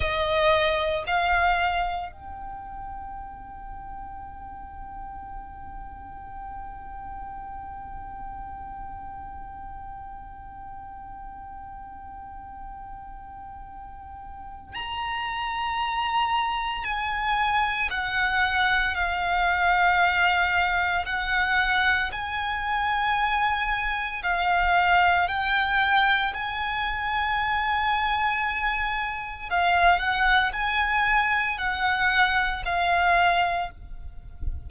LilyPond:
\new Staff \with { instrumentName = "violin" } { \time 4/4 \tempo 4 = 57 dis''4 f''4 g''2~ | g''1~ | g''1~ | g''2 ais''2 |
gis''4 fis''4 f''2 | fis''4 gis''2 f''4 | g''4 gis''2. | f''8 fis''8 gis''4 fis''4 f''4 | }